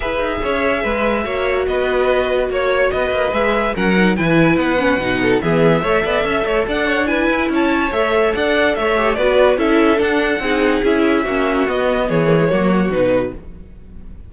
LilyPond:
<<
  \new Staff \with { instrumentName = "violin" } { \time 4/4 \tempo 4 = 144 e''1 | dis''2 cis''4 dis''4 | e''4 fis''4 gis''4 fis''4~ | fis''4 e''2. |
fis''4 gis''4 a''4 e''4 | fis''4 e''4 d''4 e''4 | fis''2 e''2 | dis''4 cis''2 b'4 | }
  \new Staff \with { instrumentName = "violin" } { \time 4/4 b'4 cis''4 b'4 cis''4 | b'2 cis''4 b'4~ | b'4 ais'4 b'2~ | b'8 a'8 gis'4 cis''8 d''8 e''8 cis''8 |
d''8 cis''8 b'4 cis''2 | d''4 cis''4 b'4 a'4~ | a'4 gis'2 fis'4~ | fis'4 gis'4 fis'2 | }
  \new Staff \with { instrumentName = "viola" } { \time 4/4 gis'2. fis'4~ | fis'1 | gis'4 cis'8 dis'8 e'4. cis'8 | dis'4 b4 a'2~ |
a'4 e'2 a'4~ | a'4. g'8 fis'4 e'4 | d'4 dis'4 e'4 cis'4 | b4. ais16 gis16 ais4 dis'4 | }
  \new Staff \with { instrumentName = "cello" } { \time 4/4 e'8 dis'8 cis'4 gis4 ais4 | b2 ais4 b8 ais8 | gis4 fis4 e4 b4 | b,4 e4 a8 b8 cis'8 a8 |
d'4. e'8 cis'4 a4 | d'4 a4 b4 cis'4 | d'4 c'4 cis'4 ais4 | b4 e4 fis4 b,4 | }
>>